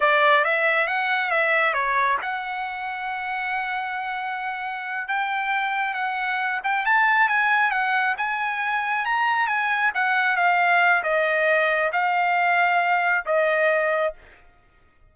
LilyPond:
\new Staff \with { instrumentName = "trumpet" } { \time 4/4 \tempo 4 = 136 d''4 e''4 fis''4 e''4 | cis''4 fis''2.~ | fis''2.~ fis''8 g''8~ | g''4. fis''4. g''8 a''8~ |
a''8 gis''4 fis''4 gis''4.~ | gis''8 ais''4 gis''4 fis''4 f''8~ | f''4 dis''2 f''4~ | f''2 dis''2 | }